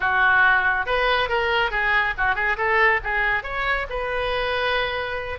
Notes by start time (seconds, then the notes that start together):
0.00 F#4
0.85 B4
1.28 A#4
1.71 G#4
2.17 F#4
2.35 G#4
2.57 A4
3.03 G#4
3.43 C#5
3.89 B4